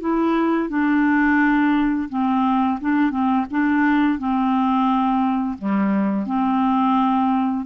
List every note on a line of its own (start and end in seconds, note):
0.00 0.69 E4
0.69 2.09 D4
2.09 2.79 C4
2.81 3.10 D4
3.10 3.45 C4
3.51 4.18 D4
4.18 5.58 C4
5.58 6.26 G3
6.26 7.66 C4